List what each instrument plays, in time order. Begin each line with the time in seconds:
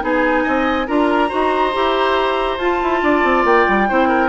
0.00 bassoon B3, clarinet D#4, oboe G#4, flute G#5
0.44 bassoon C4, oboe D#5
0.87 bassoon D4, clarinet F4, oboe A#4, flute A#5
1.29 bassoon D#4, clarinet F#4, oboe C5
1.73 bassoon E4, clarinet G4
2.58 bassoon F4, clarinet F4, flute A5
2.83 bassoon E4
3.02 bassoon D4, oboe D5
3.24 bassoon C4
3.44 bassoon A#3, flute G5
3.69 bassoon G3
3.88 bassoon C4, clarinet E4, oboe C5
4.08 oboe A#4